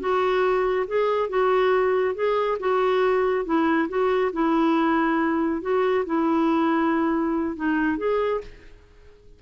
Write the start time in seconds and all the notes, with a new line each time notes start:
0.00 F#4
0.87 G#4
1.29 F#4
2.15 G#4
2.60 F#4
3.45 E4
3.89 F#4
4.33 E4
5.62 F#4
6.05 E4
7.56 D#4
7.98 G#4